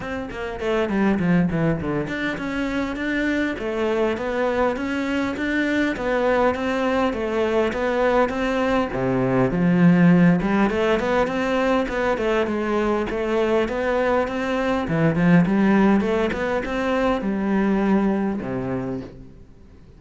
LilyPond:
\new Staff \with { instrumentName = "cello" } { \time 4/4 \tempo 4 = 101 c'8 ais8 a8 g8 f8 e8 d8 d'8 | cis'4 d'4 a4 b4 | cis'4 d'4 b4 c'4 | a4 b4 c'4 c4 |
f4. g8 a8 b8 c'4 | b8 a8 gis4 a4 b4 | c'4 e8 f8 g4 a8 b8 | c'4 g2 c4 | }